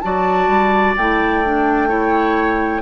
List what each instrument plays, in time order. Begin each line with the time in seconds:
0.00 bassoon F#3, clarinet F#4, oboe D5, flute A5
0.48 bassoon G3
0.96 bassoon A3, clarinet E4, flute G5
1.44 clarinet D4
1.88 clarinet E4, oboe C#5